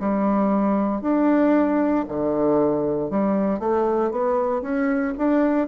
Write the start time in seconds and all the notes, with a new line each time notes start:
0.00 G3
1.02 D4
2.08 D3
3.10 G3
3.60 A3
4.11 B3
4.62 C#4
5.18 D4